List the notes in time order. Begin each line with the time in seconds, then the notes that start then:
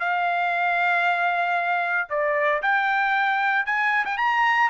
0.00 F5
2.10 D5
2.63 G5
3.66 G#5
4.06 G5
4.18 A#5